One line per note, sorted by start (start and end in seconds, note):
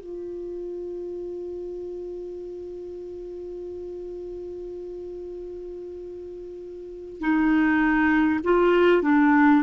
0.00 7.19 F4
7.19 8.39 D#4
8.43 9.02 F4
9.02 9.62 D4